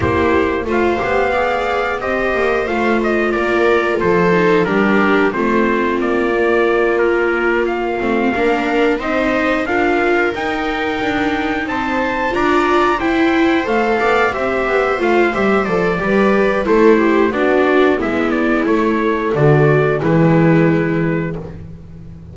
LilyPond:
<<
  \new Staff \with { instrumentName = "trumpet" } { \time 4/4 \tempo 4 = 90 c''4 f''2 dis''4 | f''8 dis''8 d''4 c''4 ais'4 | c''4 d''4. ais'4 f''8~ | f''4. dis''4 f''4 g''8~ |
g''4. a''4 ais''4 g''8~ | g''8 f''4 e''4 f''8 e''8 d''8~ | d''4 c''4 d''4 e''8 d''8 | cis''4 d''4 b'2 | }
  \new Staff \with { instrumentName = "viola" } { \time 4/4 g'4 c''4 d''4 c''4~ | c''4 ais'4 a'4 g'4 | f'1~ | f'8 ais'4 c''4 ais'4.~ |
ais'4. c''4 d''4 c''8~ | c''4 d''8 c''2~ c''8 | b'4 a'8 g'8 fis'4 e'4~ | e'4 fis'4 e'2 | }
  \new Staff \with { instrumentName = "viola" } { \time 4/4 e'4 f'8 g'8 gis'4 g'4 | f'2~ f'8 dis'8 d'4 | c'4. ais2~ ais8 | c'8 d'4 dis'4 f'4 dis'8~ |
dis'2~ dis'8 f'4 e'8~ | e'8 a'4 g'4 f'8 g'8 a'8 | g'4 e'4 d'4 b4 | a2 gis2 | }
  \new Staff \with { instrumentName = "double bass" } { \time 4/4 ais4 a8 b4. c'8 ais8 | a4 ais4 f4 g4 | a4 ais2. | a8 ais4 c'4 d'4 dis'8~ |
dis'8 d'4 c'4 d'4 e'8~ | e'8 a8 b8 c'8 b8 a8 g8 f8 | g4 a4 b4 gis4 | a4 d4 e2 | }
>>